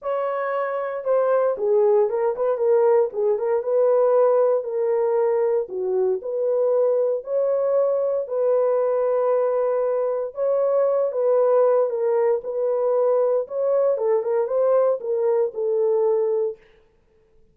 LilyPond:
\new Staff \with { instrumentName = "horn" } { \time 4/4 \tempo 4 = 116 cis''2 c''4 gis'4 | ais'8 b'8 ais'4 gis'8 ais'8 b'4~ | b'4 ais'2 fis'4 | b'2 cis''2 |
b'1 | cis''4. b'4. ais'4 | b'2 cis''4 a'8 ais'8 | c''4 ais'4 a'2 | }